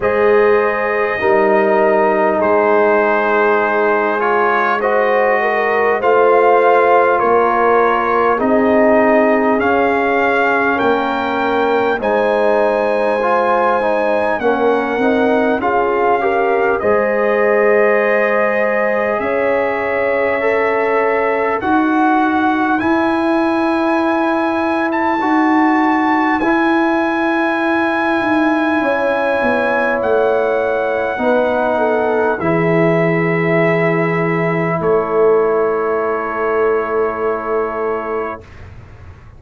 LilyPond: <<
  \new Staff \with { instrumentName = "trumpet" } { \time 4/4 \tempo 4 = 50 dis''2 c''4. cis''8 | dis''4 f''4 cis''4 dis''4 | f''4 g''4 gis''2 | fis''4 f''4 dis''2 |
e''2 fis''4 gis''4~ | gis''8. a''4~ a''16 gis''2~ | gis''4 fis''2 e''4~ | e''4 cis''2. | }
  \new Staff \with { instrumentName = "horn" } { \time 4/4 c''4 ais'4 gis'2 | c''8 ais'8 c''4 ais'4 gis'4~ | gis'4 ais'4 c''2 | ais'4 gis'8 ais'8 c''2 |
cis''2 b'2~ | b'1 | cis''2 b'8 a'8 gis'4~ | gis'4 a'2. | }
  \new Staff \with { instrumentName = "trombone" } { \time 4/4 gis'4 dis'2~ dis'8 f'8 | fis'4 f'2 dis'4 | cis'2 dis'4 f'8 dis'8 | cis'8 dis'8 f'8 g'8 gis'2~ |
gis'4 a'4 fis'4 e'4~ | e'4 fis'4 e'2~ | e'2 dis'4 e'4~ | e'1 | }
  \new Staff \with { instrumentName = "tuba" } { \time 4/4 gis4 g4 gis2~ | gis4 a4 ais4 c'4 | cis'4 ais4 gis2 | ais8 c'8 cis'4 gis2 |
cis'2 dis'4 e'4~ | e'4 dis'4 e'4. dis'8 | cis'8 b8 a4 b4 e4~ | e4 a2. | }
>>